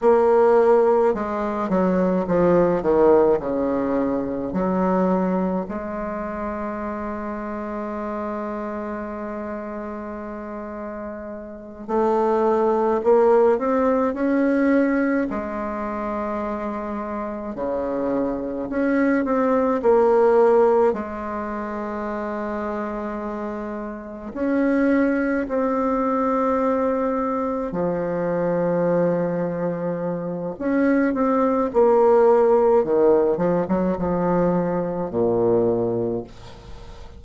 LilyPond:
\new Staff \with { instrumentName = "bassoon" } { \time 4/4 \tempo 4 = 53 ais4 gis8 fis8 f8 dis8 cis4 | fis4 gis2.~ | gis2~ gis8 a4 ais8 | c'8 cis'4 gis2 cis8~ |
cis8 cis'8 c'8 ais4 gis4.~ | gis4. cis'4 c'4.~ | c'8 f2~ f8 cis'8 c'8 | ais4 dis8 f16 fis16 f4 ais,4 | }